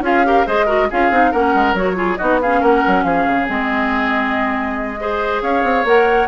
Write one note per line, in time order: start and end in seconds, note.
0.00 0.43 C#4
0.00 0.24 F4
0.00 0.26 G#4
0.00 0.46 F5
0.24 0.46 G4
0.24 0.46 A#4
0.46 0.90 G#3
0.46 0.66 G#4
0.46 0.65 C5
0.46 0.90 D#5
0.65 0.88 F#4
0.65 0.87 A#4
0.90 1.10 C#4
0.90 1.11 F4
0.90 1.31 G#4
0.90 1.32 F5
1.10 1.32 C4
1.10 1.33 D#4
1.31 1.54 A#3
1.31 1.76 C#4
1.31 1.96 A#4
1.31 1.75 F#5
1.54 1.73 G#3
1.73 2.16 F#3
1.73 1.95 F#4
1.73 2.16 C#5
1.95 2.17 F4
1.95 2.18 G#4
2.16 2.61 B3
2.16 2.40 D#4
2.16 2.39 F#4
2.16 2.38 D#5
2.41 3.45 C#4
2.41 2.60 G#4
2.41 2.62 F5
2.60 2.83 A#3
2.60 3.03 A#4
2.60 3.03 F#5
2.87 3.04 F#3
3.03 3.25 F3
3.03 5.00 G#4
3.03 3.46 F5
3.27 3.49 C#3
3.45 5.41 G#3
3.45 4.96 C4
3.45 5.42 D#5
4.99 5.85 G#4
4.99 5.42 C5
5.41 5.63 C#4
5.41 6.27 C#5
5.41 5.85 F5
5.63 5.84 C4
5.84 6.27 A#3
5.84 6.27 A#4
5.84 6.27 F#5